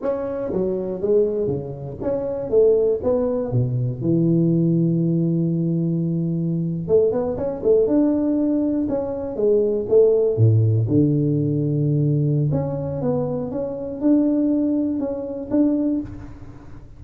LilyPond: \new Staff \with { instrumentName = "tuba" } { \time 4/4 \tempo 4 = 120 cis'4 fis4 gis4 cis4 | cis'4 a4 b4 b,4 | e1~ | e4.~ e16 a8 b8 cis'8 a8 d'16~ |
d'4.~ d'16 cis'4 gis4 a16~ | a8. a,4 d2~ d16~ | d4 cis'4 b4 cis'4 | d'2 cis'4 d'4 | }